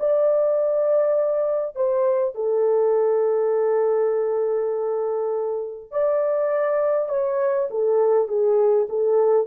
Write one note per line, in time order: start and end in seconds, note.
0.00 1.76 D5
1.76 2.35 C5
2.35 5.92 A4
5.92 7.09 D5
7.09 7.69 C#5
7.71 8.28 A4
8.28 8.88 G#4
8.90 9.48 A4